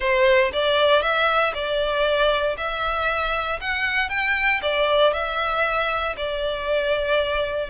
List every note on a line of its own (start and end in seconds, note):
0.00 0.51 C5
0.52 1.02 D5
1.02 1.53 E5
1.54 2.56 D5
2.57 3.59 E5
3.60 4.09 F#5
4.09 4.60 G5
4.62 5.13 D5
5.13 6.15 E5
6.17 7.69 D5